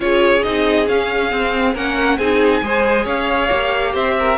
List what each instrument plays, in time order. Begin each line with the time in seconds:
0.00 cello C#4, viola F4, violin G#4 C#5
0.43 cello C4, viola D#4, violin D#5
0.86 viola C#4, cello C#4, violin F5
1.30 viola C4, cello C4
1.74 cello A#3, viola C#4, violin A#4 F#5
2.18 cello C4, viola D#4, violin G#4 G#5
2.61 cello G#3, viola G#4, violin C5
3.04 cello C#4, violin C#5 F5
3.48 cello A#3, viola G4
3.92 cello C4, violin C5 E5
4.19 violin A#4